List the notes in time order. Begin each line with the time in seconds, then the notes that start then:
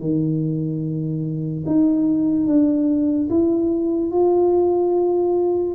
0.00 D#3
1.66 D#4
2.47 D4
3.30 E4
4.12 F4